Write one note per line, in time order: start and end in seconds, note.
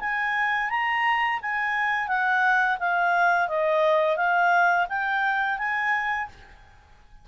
0.00 0.70 G#5
0.70 1.40 A#5
1.42 2.08 G#5
2.08 2.77 F#5
2.79 3.48 F5
3.48 4.17 D#5
4.17 4.86 F5
4.89 5.58 G5
5.58 6.28 G#5